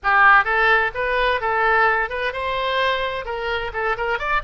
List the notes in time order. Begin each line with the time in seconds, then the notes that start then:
0.03 G4
0.44 A4
0.94 B4
1.40 A4
2.09 B4
2.33 C5
3.25 A#4
3.73 A4
3.97 A#4
4.18 D5